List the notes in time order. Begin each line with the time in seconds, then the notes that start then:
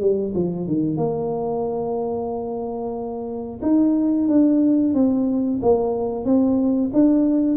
0.00 G3
0.34 F3
0.66 D#3
0.96 A#3
3.61 D#4
4.28 D4
4.94 C4
5.62 A#3
6.25 C4
6.93 D4